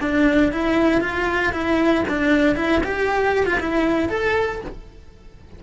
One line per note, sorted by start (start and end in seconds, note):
0.00 0.51 D4
0.51 1.00 E4
1.00 1.52 F4
1.52 2.04 E4
2.08 2.55 D4
2.55 2.81 E4
2.83 3.46 G4
3.46 3.58 F4
3.59 4.09 E4
4.09 4.61 A4